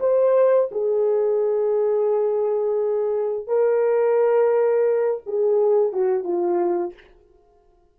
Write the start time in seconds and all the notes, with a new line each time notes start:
0.00 C5
0.72 G#4
3.47 A#4
5.26 G#4
5.92 F#4
6.24 F4